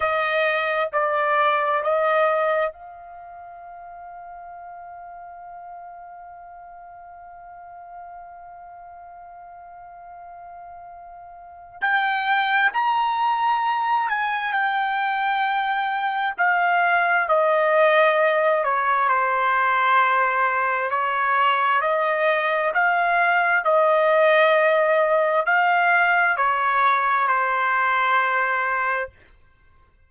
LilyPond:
\new Staff \with { instrumentName = "trumpet" } { \time 4/4 \tempo 4 = 66 dis''4 d''4 dis''4 f''4~ | f''1~ | f''1~ | f''4 g''4 ais''4. gis''8 |
g''2 f''4 dis''4~ | dis''8 cis''8 c''2 cis''4 | dis''4 f''4 dis''2 | f''4 cis''4 c''2 | }